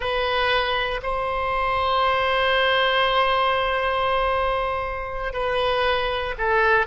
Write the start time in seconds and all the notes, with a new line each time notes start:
0.00 B4
1.02 C5
5.33 B4
6.38 A4